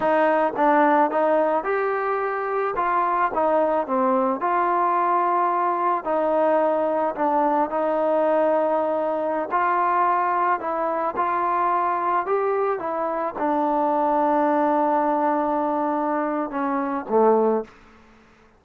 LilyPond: \new Staff \with { instrumentName = "trombone" } { \time 4/4 \tempo 4 = 109 dis'4 d'4 dis'4 g'4~ | g'4 f'4 dis'4 c'4 | f'2. dis'4~ | dis'4 d'4 dis'2~ |
dis'4~ dis'16 f'2 e'8.~ | e'16 f'2 g'4 e'8.~ | e'16 d'2.~ d'8.~ | d'2 cis'4 a4 | }